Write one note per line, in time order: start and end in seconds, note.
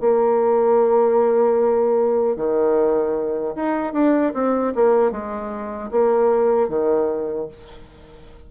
0.00 2.36 A#3
2.36 3.55 D#3
3.55 3.93 D#4
3.93 4.32 D4
4.34 4.73 C4
4.75 5.11 A#3
5.11 5.90 G#3
5.91 6.69 A#3
6.69 7.47 D#3